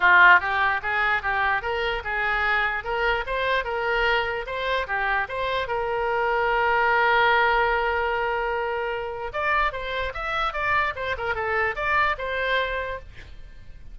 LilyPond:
\new Staff \with { instrumentName = "oboe" } { \time 4/4 \tempo 4 = 148 f'4 g'4 gis'4 g'4 | ais'4 gis'2 ais'4 | c''4 ais'2 c''4 | g'4 c''4 ais'2~ |
ais'1~ | ais'2. d''4 | c''4 e''4 d''4 c''8 ais'8 | a'4 d''4 c''2 | }